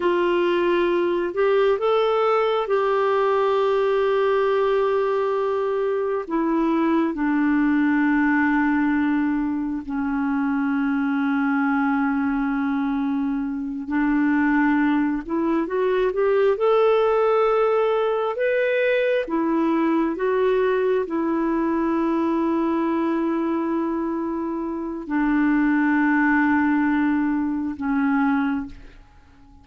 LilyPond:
\new Staff \with { instrumentName = "clarinet" } { \time 4/4 \tempo 4 = 67 f'4. g'8 a'4 g'4~ | g'2. e'4 | d'2. cis'4~ | cis'2.~ cis'8 d'8~ |
d'4 e'8 fis'8 g'8 a'4.~ | a'8 b'4 e'4 fis'4 e'8~ | e'1 | d'2. cis'4 | }